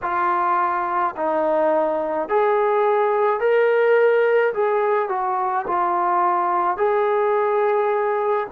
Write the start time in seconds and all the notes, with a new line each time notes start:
0.02 F4
1.16 D#4
2.28 G#4
3.40 A#4
4.53 G#4
5.08 F#4
5.67 F4
6.77 G#4